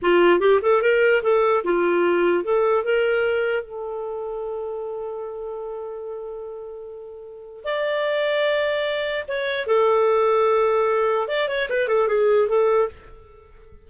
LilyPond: \new Staff \with { instrumentName = "clarinet" } { \time 4/4 \tempo 4 = 149 f'4 g'8 a'8 ais'4 a'4 | f'2 a'4 ais'4~ | ais'4 a'2.~ | a'1~ |
a'2. d''4~ | d''2. cis''4 | a'1 | d''8 cis''8 b'8 a'8 gis'4 a'4 | }